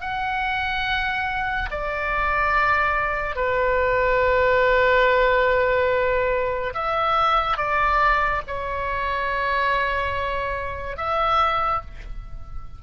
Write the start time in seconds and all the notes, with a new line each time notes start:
0.00 F#5
1.71 D5
3.35 B4
6.74 E5
7.57 D5
8.47 C#5
10.97 E5